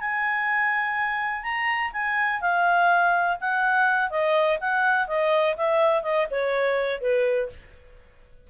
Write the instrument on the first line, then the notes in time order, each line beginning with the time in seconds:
clarinet
0.00 G#5
1.43 A#5
1.92 G#5
2.41 F5
3.41 F#5
4.10 D#5
4.60 F#5
5.07 D#5
5.57 E5
6.03 D#5
6.30 C#5
7.01 B4